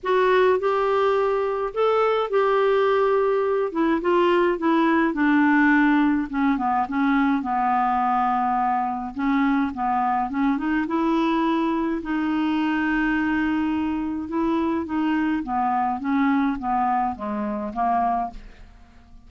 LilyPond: \new Staff \with { instrumentName = "clarinet" } { \time 4/4 \tempo 4 = 105 fis'4 g'2 a'4 | g'2~ g'8 e'8 f'4 | e'4 d'2 cis'8 b8 | cis'4 b2. |
cis'4 b4 cis'8 dis'8 e'4~ | e'4 dis'2.~ | dis'4 e'4 dis'4 b4 | cis'4 b4 gis4 ais4 | }